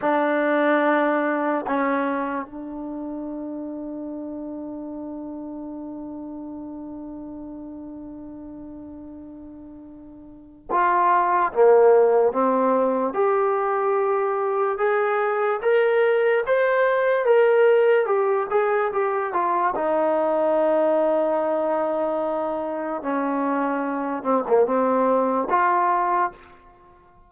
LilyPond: \new Staff \with { instrumentName = "trombone" } { \time 4/4 \tempo 4 = 73 d'2 cis'4 d'4~ | d'1~ | d'1~ | d'4 f'4 ais4 c'4 |
g'2 gis'4 ais'4 | c''4 ais'4 g'8 gis'8 g'8 f'8 | dis'1 | cis'4. c'16 ais16 c'4 f'4 | }